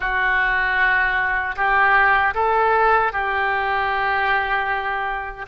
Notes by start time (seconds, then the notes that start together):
0.00 F#4
1.55 G4
2.34 A4
3.12 G4